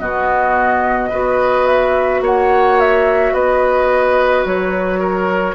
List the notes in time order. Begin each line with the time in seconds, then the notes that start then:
0.00 B2 B3 F#4 D#5
1.09 B3 F#4 B4
1.67 E5
2.21 A#3 C#5 F#5
2.80 E5
3.33 B3 B4 D#5
4.45 F#3 C#5
5.00 A#4